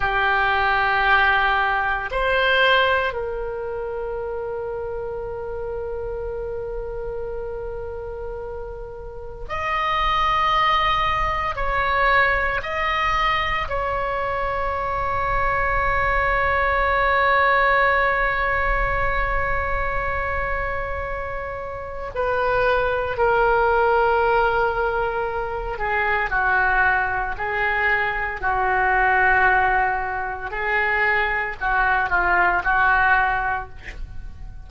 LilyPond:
\new Staff \with { instrumentName = "oboe" } { \time 4/4 \tempo 4 = 57 g'2 c''4 ais'4~ | ais'1~ | ais'4 dis''2 cis''4 | dis''4 cis''2.~ |
cis''1~ | cis''4 b'4 ais'2~ | ais'8 gis'8 fis'4 gis'4 fis'4~ | fis'4 gis'4 fis'8 f'8 fis'4 | }